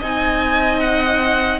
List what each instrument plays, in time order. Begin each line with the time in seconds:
0.00 cello C4, viola D#4, violin D#5 G#5
0.80 violin F#5